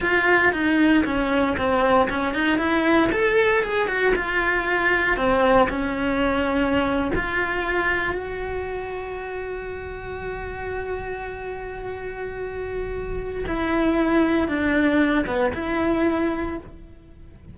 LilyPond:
\new Staff \with { instrumentName = "cello" } { \time 4/4 \tempo 4 = 116 f'4 dis'4 cis'4 c'4 | cis'8 dis'8 e'4 a'4 gis'8 fis'8 | f'2 c'4 cis'4~ | cis'4.~ cis'16 f'2 fis'16~ |
fis'1~ | fis'1~ | fis'2 e'2 | d'4. b8 e'2 | }